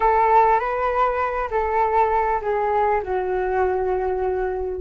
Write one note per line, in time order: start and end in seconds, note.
0.00 0.59 A4
0.59 1.49 B4
1.50 2.40 A4
2.41 3.01 G#4
3.02 4.81 F#4